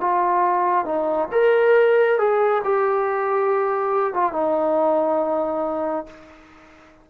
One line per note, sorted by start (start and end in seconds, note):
0.00 0.85 F4
0.85 1.28 D#4
1.31 2.18 A#4
2.18 2.62 G#4
2.64 4.13 G4
4.13 4.32 F4
4.32 6.06 D#4